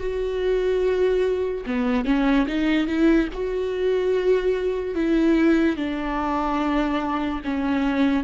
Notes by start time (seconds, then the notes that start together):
0.00 F#4
1.66 B3
2.05 C#4
2.48 D#4
2.87 E4
3.34 F#4
4.95 E4
5.76 D4
7.44 C#4